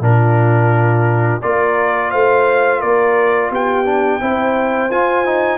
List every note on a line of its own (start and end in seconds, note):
0.00 1.40 A#2
0.00 1.41 D4
0.00 1.44 F4
0.00 1.42 A#4
1.42 2.14 A#3
1.42 3.85 F4
1.42 2.11 A#4
1.42 2.11 D5
2.11 2.82 A3
2.11 2.80 C5
2.11 2.81 F5
2.80 3.51 A#3
2.80 3.49 A#4
2.80 3.51 D5
3.51 4.20 B3
3.51 4.21 G4
3.51 4.91 G5
3.85 4.20 D4
4.21 4.90 C4
4.21 4.91 E4
4.21 5.58 C5
4.90 5.58 F4
4.90 5.25 F4
4.90 5.58 G#5
5.25 5.58 D#4